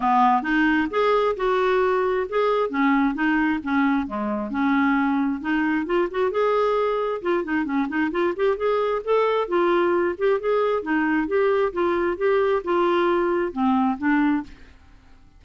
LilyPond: \new Staff \with { instrumentName = "clarinet" } { \time 4/4 \tempo 4 = 133 b4 dis'4 gis'4 fis'4~ | fis'4 gis'4 cis'4 dis'4 | cis'4 gis4 cis'2 | dis'4 f'8 fis'8 gis'2 |
f'8 dis'8 cis'8 dis'8 f'8 g'8 gis'4 | a'4 f'4. g'8 gis'4 | dis'4 g'4 f'4 g'4 | f'2 c'4 d'4 | }